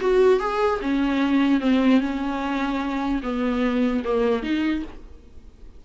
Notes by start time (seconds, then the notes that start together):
0.00 F#4
0.40 G#4
0.81 C#4
1.60 C4
2.00 C#4
3.22 B3
4.04 A#3
4.42 D#4